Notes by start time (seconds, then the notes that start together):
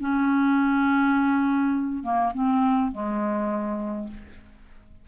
0.00 C#4
2.03 A#3
2.34 C4
2.92 G#3